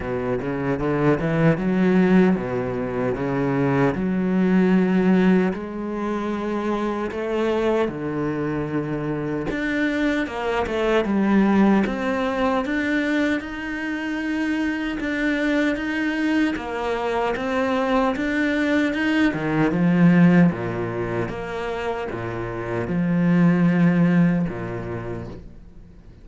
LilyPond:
\new Staff \with { instrumentName = "cello" } { \time 4/4 \tempo 4 = 76 b,8 cis8 d8 e8 fis4 b,4 | cis4 fis2 gis4~ | gis4 a4 d2 | d'4 ais8 a8 g4 c'4 |
d'4 dis'2 d'4 | dis'4 ais4 c'4 d'4 | dis'8 dis8 f4 ais,4 ais4 | ais,4 f2 ais,4 | }